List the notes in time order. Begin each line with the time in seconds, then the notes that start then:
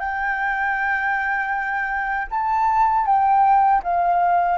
0.00 G5
2.31 A5
3.07 G5
3.84 F5